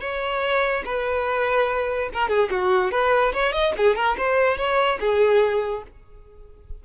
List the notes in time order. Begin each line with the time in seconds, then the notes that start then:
0.00 C#5
0.85 B4
2.13 A#4
2.28 G#4
2.50 F#4
2.91 B4
3.33 C#5
3.52 D#5
3.77 G#4
3.95 A#4
4.17 C5
4.57 C#5
4.99 G#4